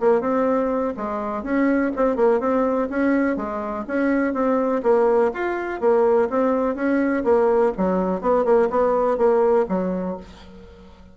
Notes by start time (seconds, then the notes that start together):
0.00 A#3
0.21 C4
0.97 G#3
1.43 C#4
1.96 C4
2.16 A#3
2.40 C4
2.89 C#4
3.37 G#3
3.87 C#4
4.34 C4
4.83 A#3
5.33 F4
5.80 A#3
6.30 C4
6.75 C#4
7.24 A#3
7.77 F#3
8.21 B3
8.45 A#3
8.70 B3
9.17 A#3
9.69 F#3